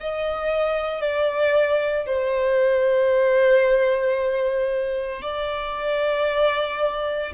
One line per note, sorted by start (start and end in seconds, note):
0.00 1.00 D#5
1.00 2.06 D5
2.06 5.22 C5
5.22 7.32 D5